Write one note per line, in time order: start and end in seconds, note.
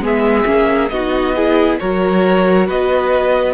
0.00 0.44 G#3
0.00 0.44 B3
0.00 0.91 G#4
0.00 0.88 E5
0.44 0.90 A#3
0.44 0.88 C#4
0.88 1.78 B3
0.88 1.36 D#4
0.88 1.35 F#4
0.88 1.76 D#5
1.35 1.80 E4
1.35 1.79 G#4
1.79 2.69 F#3
1.79 3.54 F#4
1.79 2.66 A#4
1.79 2.67 C#5
2.66 3.54 B3
2.66 3.54 B4
2.66 3.54 D#5